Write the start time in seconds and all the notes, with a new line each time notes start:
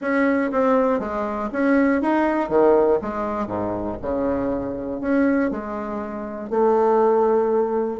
0.01 C#4
0.51 C4
0.99 G#3
1.52 C#4
2.01 D#4
2.49 D#3
3.01 G#3
3.47 G#2
4.01 C#3
5.00 C#4
5.50 G#3
6.50 A3